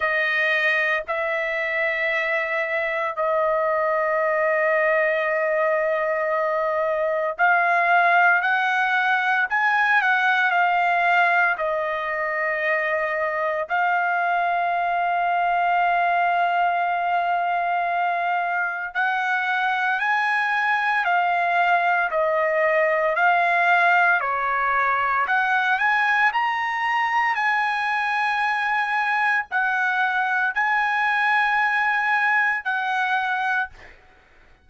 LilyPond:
\new Staff \with { instrumentName = "trumpet" } { \time 4/4 \tempo 4 = 57 dis''4 e''2 dis''4~ | dis''2. f''4 | fis''4 gis''8 fis''8 f''4 dis''4~ | dis''4 f''2.~ |
f''2 fis''4 gis''4 | f''4 dis''4 f''4 cis''4 | fis''8 gis''8 ais''4 gis''2 | fis''4 gis''2 fis''4 | }